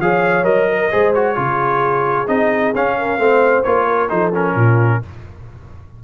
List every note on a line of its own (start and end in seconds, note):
0.00 0.44 F3
0.00 0.44 G#4
0.00 0.69 C#5
0.00 0.45 F5
0.44 0.90 F#3
0.44 0.89 A#4
0.44 1.13 D#5
0.69 0.91 A#4
0.91 1.37 G#3
0.91 1.14 G#4
0.91 1.36 C5
1.14 1.36 F#4
1.14 2.28 C#5
1.36 2.28 C#3
1.36 2.27 F4
1.36 2.97 G#4
2.28 2.74 C4
2.28 2.74 D#4
2.28 2.73 D#5
2.75 3.18 C#4
2.75 3.19 C#4
2.75 3.64 F5
2.97 3.19 A#4
3.18 3.64 A3
3.18 3.64 C4
3.18 3.87 C5
3.64 4.11 A#3
3.64 4.09 F4
3.64 4.09 C#5
3.88 4.09 A#4
4.09 4.55 F3
4.09 4.32 D#4
4.09 4.54 A4
4.09 4.32 C5
4.34 5.03 C#4
4.34 5.04 A#4
4.55 5.01 A#2
4.55 5.01 F4